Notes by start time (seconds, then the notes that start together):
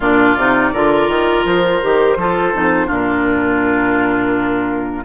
0.00 A#2 D4 F4 D5
0.37 C3 D#4
0.73 D3 F4 A#4
1.08 D#3
1.44 F3 C5
1.81 D#3 G4
2.16 F3 F4 A4
2.53 F2 D#4
2.86 A#2 D4 F4
2.92 A#4